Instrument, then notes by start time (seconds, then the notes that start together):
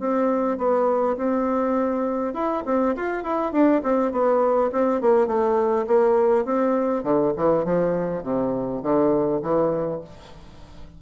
bassoon
0.00 C4
0.58 B3
1.17 C4
2.34 E4
2.66 C4
2.96 F4
3.24 E4
3.52 D4
3.83 C4
4.12 B3
4.72 C4
5.01 A#3
5.27 A3
5.87 A#3
6.45 C4
7.03 D3
7.37 E3
7.64 F3
8.23 C3
8.83 D3
9.42 E3